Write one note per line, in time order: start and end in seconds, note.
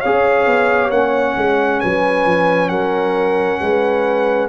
0.00 0.47 C#4
0.00 0.92 G#4
0.00 1.79 C#5
0.00 0.91 F5
0.47 0.91 B3
0.91 1.35 A#3
0.91 4.49 C#4
0.91 1.81 F#5
1.37 1.82 G#3
1.81 2.26 F#3
1.81 2.71 B4
1.81 2.69 G#5
2.26 2.70 F3
2.69 3.60 F#3
2.69 3.61 A#4
2.69 4.48 F#5
3.61 4.49 G#3
3.61 4.49 B4